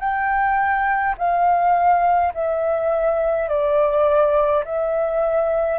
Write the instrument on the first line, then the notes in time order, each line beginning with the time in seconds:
flute
0.00 G5
1.18 F5
2.34 E5
3.49 D5
4.65 E5